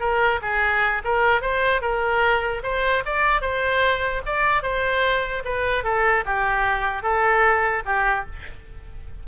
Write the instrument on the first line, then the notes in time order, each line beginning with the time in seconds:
oboe
0.00 A#4
0.42 G#4
1.04 A#4
1.41 C5
1.82 A#4
2.63 C5
3.05 D5
3.42 C5
4.26 D5
4.63 C5
5.45 B4
5.84 A4
6.25 G4
7.02 A4
7.85 G4